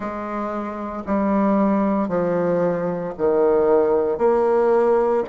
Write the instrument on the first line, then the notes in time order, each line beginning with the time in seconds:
bassoon
0.00 G#3
1.06 G3
2.08 F3
3.17 D#3
4.18 A#3